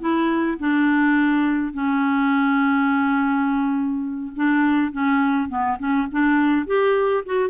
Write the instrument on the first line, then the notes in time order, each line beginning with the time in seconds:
clarinet
0.00 E4
0.59 D4
1.73 C#4
4.36 D4
4.92 C#4
5.49 B3
5.78 C#4
6.12 D4
6.66 G4
7.26 F#4